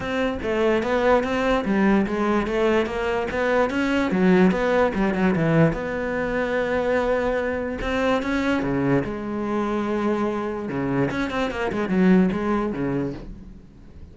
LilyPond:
\new Staff \with { instrumentName = "cello" } { \time 4/4 \tempo 4 = 146 c'4 a4 b4 c'4 | g4 gis4 a4 ais4 | b4 cis'4 fis4 b4 | g8 fis8 e4 b2~ |
b2. c'4 | cis'4 cis4 gis2~ | gis2 cis4 cis'8 c'8 | ais8 gis8 fis4 gis4 cis4 | }